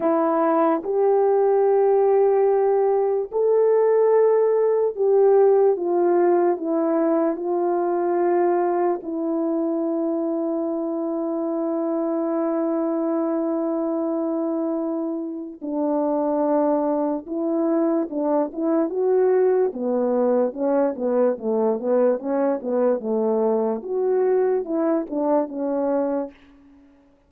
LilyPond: \new Staff \with { instrumentName = "horn" } { \time 4/4 \tempo 4 = 73 e'4 g'2. | a'2 g'4 f'4 | e'4 f'2 e'4~ | e'1~ |
e'2. d'4~ | d'4 e'4 d'8 e'8 fis'4 | b4 cis'8 b8 a8 b8 cis'8 b8 | a4 fis'4 e'8 d'8 cis'4 | }